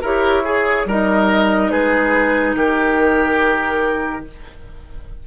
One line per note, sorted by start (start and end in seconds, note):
0.00 0.85 E4
0.00 0.44 G4
0.00 0.42 A#4
0.00 0.89 C#5
0.44 0.86 G#4
0.85 1.70 G3
0.85 4.27 D#4
0.85 1.71 A#4
0.85 1.70 D#5
1.70 2.54 G#3
1.70 2.55 G#4
1.70 2.54 B4
2.54 4.23 D#3
2.54 4.25 G4
2.54 4.25 A#4